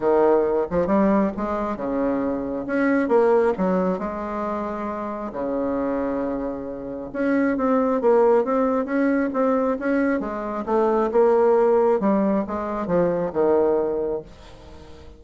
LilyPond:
\new Staff \with { instrumentName = "bassoon" } { \time 4/4 \tempo 4 = 135 dis4. f8 g4 gis4 | cis2 cis'4 ais4 | fis4 gis2. | cis1 |
cis'4 c'4 ais4 c'4 | cis'4 c'4 cis'4 gis4 | a4 ais2 g4 | gis4 f4 dis2 | }